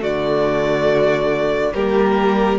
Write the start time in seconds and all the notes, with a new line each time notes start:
0.00 D3 A3 F#4 D5
1.74 G3 A#3 G4 A#4